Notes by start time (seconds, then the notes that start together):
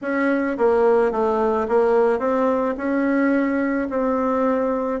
0.01 C#4
0.57 A#3
1.11 A3
1.68 A#3
2.19 C4
2.77 C#4
3.89 C4